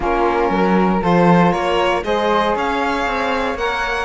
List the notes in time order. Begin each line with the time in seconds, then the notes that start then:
0.00 A#3 C#4 F4 A#4
0.50 F#3 A#4
1.00 F3 F4 A4 C5
1.51 A#3 A#4 C#5
2.03 G#3 G#4 C5 D#5
2.55 C#4 C#5 F5
3.05 C4
3.54 A#3 A#4 F#5